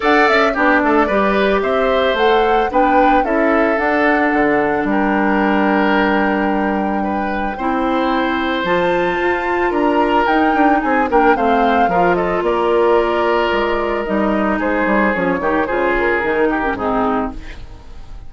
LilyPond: <<
  \new Staff \with { instrumentName = "flute" } { \time 4/4 \tempo 4 = 111 fis''8 e''8 d''2 e''4 | fis''4 g''4 e''4 fis''4~ | fis''4 g''2.~ | g''1 |
a''2 ais''4 g''4 | gis''8 g''8 f''4. dis''8 d''4~ | d''2 dis''4 c''4 | cis''4 c''8 ais'4. gis'4 | }
  \new Staff \with { instrumentName = "oboe" } { \time 4/4 d''4 g'8 a'8 b'4 c''4~ | c''4 b'4 a'2~ | a'4 ais'2.~ | ais'4 b'4 c''2~ |
c''2 ais'2 | gis'8 ais'8 c''4 ais'8 a'8 ais'4~ | ais'2. gis'4~ | gis'8 g'8 gis'4. g'8 dis'4 | }
  \new Staff \with { instrumentName = "clarinet" } { \time 4/4 a'4 d'4 g'2 | a'4 d'4 e'4 d'4~ | d'1~ | d'2 e'2 |
f'2. dis'4~ | dis'8 d'8 c'4 f'2~ | f'2 dis'2 | cis'8 dis'8 f'4 dis'8. cis'16 c'4 | }
  \new Staff \with { instrumentName = "bassoon" } { \time 4/4 d'8 cis'8 b8 a8 g4 c'4 | a4 b4 cis'4 d'4 | d4 g2.~ | g2 c'2 |
f4 f'4 d'4 dis'8 d'8 | c'8 ais8 a4 f4 ais4~ | ais4 gis4 g4 gis8 g8 | f8 dis8 cis4 dis4 gis,4 | }
>>